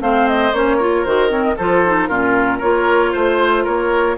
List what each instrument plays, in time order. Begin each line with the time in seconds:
0.00 bassoon A3, clarinet C4, oboe C5, flute F5
0.28 flute D#5
0.53 bassoon A#3, clarinet C#4, flute C#5
0.77 clarinet F4, oboe A#4
1.04 bassoon D#3, clarinet F#4, flute C5
1.29 clarinet C4, flute C#5
1.43 flute D#5
1.56 bassoon F3, clarinet F4, oboe A4, flute C5
1.85 clarinet D#4
2.07 bassoon A#2, clarinet C#4, oboe F4, flute A#4
2.58 bassoon A#3, clarinet F4, oboe A#4, flute C#5
3.12 bassoon A3, flute C5, oboe C5
3.63 bassoon A#3, oboe A#4, flute C#5